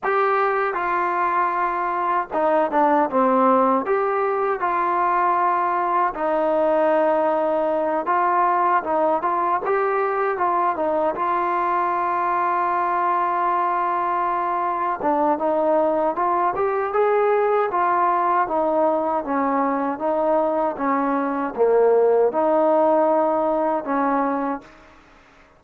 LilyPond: \new Staff \with { instrumentName = "trombone" } { \time 4/4 \tempo 4 = 78 g'4 f'2 dis'8 d'8 | c'4 g'4 f'2 | dis'2~ dis'8 f'4 dis'8 | f'8 g'4 f'8 dis'8 f'4.~ |
f'2.~ f'8 d'8 | dis'4 f'8 g'8 gis'4 f'4 | dis'4 cis'4 dis'4 cis'4 | ais4 dis'2 cis'4 | }